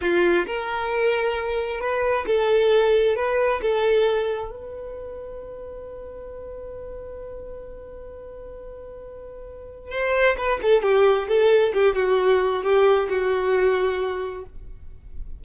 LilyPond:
\new Staff \with { instrumentName = "violin" } { \time 4/4 \tempo 4 = 133 f'4 ais'2. | b'4 a'2 b'4 | a'2 b'2~ | b'1~ |
b'1~ | b'2 c''4 b'8 a'8 | g'4 a'4 g'8 fis'4. | g'4 fis'2. | }